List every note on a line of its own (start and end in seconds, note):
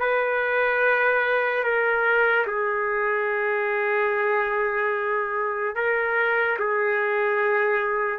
0.00 1.64 B4
1.64 2.46 A#4
2.47 5.76 G#4
5.76 6.58 A#4
6.59 8.19 G#4